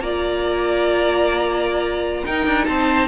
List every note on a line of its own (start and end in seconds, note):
0.00 2.23 A#3
0.00 2.25 F4
0.00 2.25 D5
0.00 2.25 A#5
2.25 3.08 D#4
2.25 2.46 D#4
2.25 2.67 A#4
2.25 2.65 G5
2.46 2.67 D4
2.65 3.08 C4
2.65 3.08 C5
2.65 3.08 A5